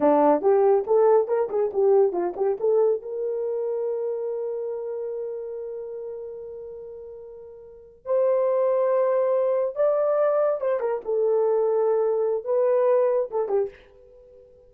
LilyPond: \new Staff \with { instrumentName = "horn" } { \time 4/4 \tempo 4 = 140 d'4 g'4 a'4 ais'8 gis'8 | g'4 f'8 g'8 a'4 ais'4~ | ais'1~ | ais'1~ |
ais'2~ ais'8. c''4~ c''16~ | c''2~ c''8. d''4~ d''16~ | d''8. c''8 ais'8 a'2~ a'16~ | a'4 b'2 a'8 g'8 | }